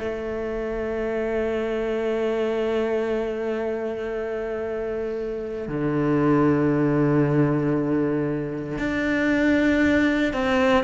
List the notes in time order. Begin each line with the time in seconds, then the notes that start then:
0.00 A3
5.68 D3
8.79 D4
10.34 C4